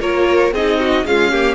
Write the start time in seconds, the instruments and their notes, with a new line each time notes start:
0.00 cello A#3, viola F4, violin A#4 C#5
0.52 cello C4, viola D#4, violin G#4 D#5
0.80 violin F#4
1.05 viola G#3, cello C#4, violin F4 F5
1.31 viola A#3, violin G4